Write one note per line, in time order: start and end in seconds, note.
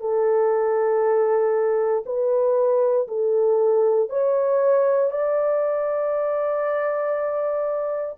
0.00 2.03 A4
2.05 3.07 B4
3.07 4.09 A4
4.09 5.10 C#5
5.10 8.15 D5